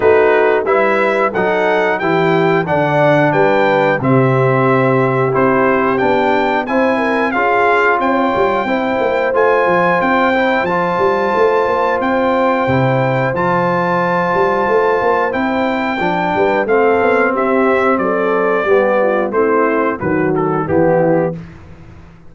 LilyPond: <<
  \new Staff \with { instrumentName = "trumpet" } { \time 4/4 \tempo 4 = 90 b'4 e''4 fis''4 g''4 | fis''4 g''4 e''2 | c''4 g''4 gis''4 f''4 | g''2 gis''4 g''4 |
a''2 g''2 | a''2. g''4~ | g''4 f''4 e''4 d''4~ | d''4 c''4 b'8 a'8 g'4 | }
  \new Staff \with { instrumentName = "horn" } { \time 4/4 fis'4 b'4 a'4 g'4 | d''4 b'4 g'2~ | g'2 c''8 ais'8 gis'4 | cis''4 c''2.~ |
c''1~ | c''1~ | c''8 b'8 a'4 g'4 a'4 | g'8 f'8 e'4 fis'4 e'4 | }
  \new Staff \with { instrumentName = "trombone" } { \time 4/4 dis'4 e'4 dis'4 e'4 | d'2 c'2 | e'4 d'4 e'4 f'4~ | f'4 e'4 f'4. e'8 |
f'2. e'4 | f'2. e'4 | d'4 c'2. | b4 c'4 fis4 b4 | }
  \new Staff \with { instrumentName = "tuba" } { \time 4/4 a4 g4 fis4 e4 | d4 g4 c2 | c'4 b4 c'4 cis'4 | c'8 g8 c'8 ais8 a8 f8 c'4 |
f8 g8 a8 ais8 c'4 c4 | f4. g8 a8 ais8 c'4 | f8 g8 a8 b8 c'4 fis4 | g4 a4 dis4 e4 | }
>>